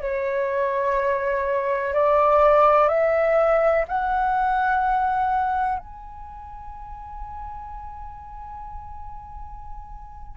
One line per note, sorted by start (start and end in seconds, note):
0.00 1.94 C#5
1.94 2.88 D5
2.88 3.84 E5
3.88 5.78 F#5
5.78 10.36 G#5